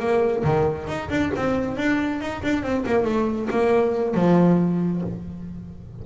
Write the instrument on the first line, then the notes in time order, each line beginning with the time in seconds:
double bass
0.00 A#3
0.44 D#3
0.88 D#4
1.10 D4
1.36 C4
1.78 D4
2.21 D#4
2.43 D4
2.63 C4
2.86 A#3
3.05 A3
3.51 A#3
4.15 F3